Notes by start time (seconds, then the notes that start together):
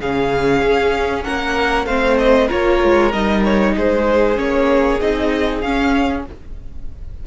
0.00 C#3 C#4 G#4 F5
0.62 C#4
1.23 A#3 A#4 F#5
1.86 A3 C4 C5 F5
2.18 D#5
2.48 A#3 F4 A#4 C#5
2.83 G#3
3.12 G3 D#4 D#5
3.44 C#5
3.75 G#3 G#4 C5
4.35 A#3 C#4 C#5
5.00 C4 D#4 D#5
5.61 C#4 F5